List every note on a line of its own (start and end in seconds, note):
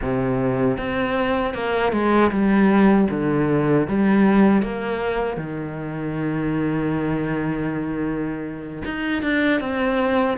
0.01 0.77 C3
0.77 1.53 C4
1.53 1.92 A#3
1.92 2.30 G#3
2.31 3.08 G3
3.10 3.87 D3
3.87 4.62 G3
4.62 5.36 A#3
5.36 8.83 D#3
8.85 9.22 D#4
9.22 9.60 D4
9.60 10.37 C4